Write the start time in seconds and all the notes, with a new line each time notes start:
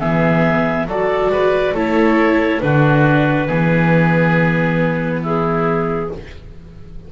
0.00 E3 B3 G#4 E5
0.87 F#3 F#4 A4 D5
1.30 G#3 B4
1.74 A3 E4 A4 C#5
2.61 D3 D4 F#4 B4
3.48 E3 B3 G#4
5.23 E4 G#4